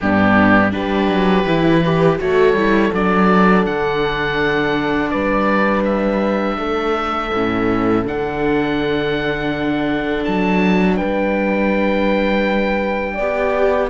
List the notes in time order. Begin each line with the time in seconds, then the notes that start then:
0.00 G2 B3 D4 G4
0.71 G3 D4 G4 B4
1.07 F#3
1.46 E3 E4
1.82 G4 B4
2.19 A3 F#4 A4 C#5
2.53 G3 E4
2.93 F#3 D4 D5
3.65 D3 F#5
5.10 G3 B4 D5
5.84 E5
6.57 A3 A4
7.33 A2 C#4
8.04 D3 D4 F#5
10.24 F#3 A5
10.96 G3 B4 G5
13.14 B3 D5
13.20 G4